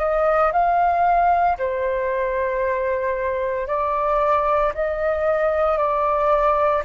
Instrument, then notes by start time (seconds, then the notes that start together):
flute
0.00 D#5
0.53 F5
1.58 C5
3.68 D5
4.75 D#5
5.78 D5